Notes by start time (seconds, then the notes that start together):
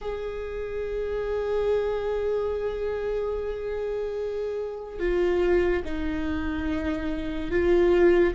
0.01 G#4
4.99 F4
5.84 D#4
7.50 F4